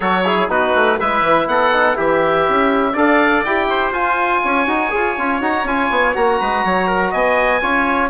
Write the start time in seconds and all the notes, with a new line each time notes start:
0.00 F#3 F#4 A4 C#5
0.25 E4 G#4
0.48 B3 D#4 F#4 B4
0.75 A3
0.99 G#3 E4 B4 E5
1.21 E3
1.46 B3 A4 F#5
1.73 D#4
1.95 E3 E4 G4 E5
2.48 C#4
2.93 D4 A4 D5 F5
3.44 E4 G4 G5
3.69 C5
3.91 F4 G#5
4.44 C#4 C#5
4.66 D#4 F#4
4.90 F4 G#4
5.17 C#4 F4
5.41 D#4 F#4 A#5
5.63 C#4 F4 G#5
5.90 B3
6.14 A#3 F#4 A#5
6.39 G#3 B4
6.64 F#3 C#5
6.87 A#4
7.10 B3 D#5 G#5
7.61 C#4 F4 C#5